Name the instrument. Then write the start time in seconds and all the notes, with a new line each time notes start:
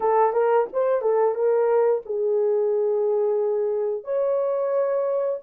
horn
0.00 A4
0.32 A#4
0.72 C5
1.01 A4
1.34 A#4
2.05 G#4
4.04 C#5